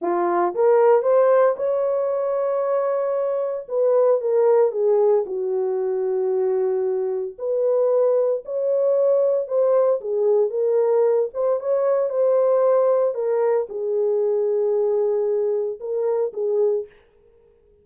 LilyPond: \new Staff \with { instrumentName = "horn" } { \time 4/4 \tempo 4 = 114 f'4 ais'4 c''4 cis''4~ | cis''2. b'4 | ais'4 gis'4 fis'2~ | fis'2 b'2 |
cis''2 c''4 gis'4 | ais'4. c''8 cis''4 c''4~ | c''4 ais'4 gis'2~ | gis'2 ais'4 gis'4 | }